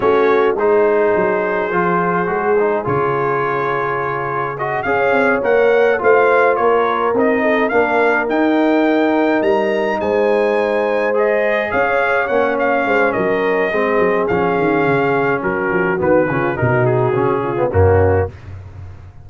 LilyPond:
<<
  \new Staff \with { instrumentName = "trumpet" } { \time 4/4 \tempo 4 = 105 cis''4 c''2.~ | c''4 cis''2. | dis''8 f''4 fis''4 f''4 cis''8~ | cis''8 dis''4 f''4 g''4.~ |
g''8 ais''4 gis''2 dis''8~ | dis''8 f''4 fis''8 f''4 dis''4~ | dis''4 f''2 ais'4 | b'4 ais'8 gis'4. fis'4 | }
  \new Staff \with { instrumentName = "horn" } { \time 4/4 fis'4 gis'2.~ | gis'1~ | gis'8 cis''2 c''4 ais'8~ | ais'4 a'8 ais'2~ ais'8~ |
ais'4. c''2~ c''8~ | c''8 cis''2 c''8 ais'4 | gis'2. fis'4~ | fis'8 f'8 fis'4. f'8 cis'4 | }
  \new Staff \with { instrumentName = "trombone" } { \time 4/4 cis'4 dis'2 f'4 | fis'8 dis'8 f'2. | fis'8 gis'4 ais'4 f'4.~ | f'8 dis'4 d'4 dis'4.~ |
dis'2.~ dis'8 gis'8~ | gis'4. cis'2~ cis'8 | c'4 cis'2. | b8 cis'8 dis'4 cis'8. b16 ais4 | }
  \new Staff \with { instrumentName = "tuba" } { \time 4/4 a4 gis4 fis4 f4 | gis4 cis2.~ | cis8 cis'8 c'8 ais4 a4 ais8~ | ais8 c'4 ais4 dis'4.~ |
dis'8 g4 gis2~ gis8~ | gis8 cis'4 ais4 gis8 fis4 | gis8 fis8 f8 dis8 cis4 fis8 f8 | dis8 cis8 b,4 cis4 fis,4 | }
>>